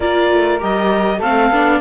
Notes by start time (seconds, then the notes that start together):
0.00 A#3 F4 A#4 D5
0.31 A3
0.59 G3 G4 D#5
1.17 A3 C4 A4 F5
1.50 B3 D4